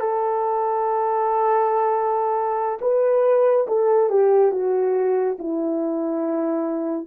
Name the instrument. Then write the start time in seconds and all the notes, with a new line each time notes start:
horn
0.00 A4
2.81 B4
3.67 A4
4.09 G4
4.52 F#4
5.39 E4